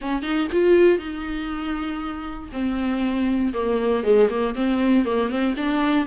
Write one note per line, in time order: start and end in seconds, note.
0.01 0.22 C#4
0.22 0.47 D#4
0.52 0.98 F4
0.98 2.49 D#4
2.52 3.53 C4
3.53 4.03 A#3
4.03 4.29 G#3
4.29 4.54 A#3
4.55 5.05 C4
5.05 5.29 A#3
5.29 5.54 C4
5.56 6.06 D4